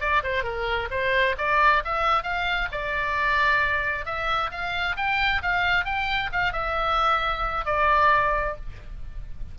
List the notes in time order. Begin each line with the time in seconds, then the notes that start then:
0.00 D5
0.23 C5
0.43 A#4
0.91 C5
1.38 D5
1.85 E5
2.23 F5
2.72 D5
4.05 E5
4.51 F5
4.96 G5
5.42 F5
5.85 G5
6.32 F5
6.53 E5
7.65 D5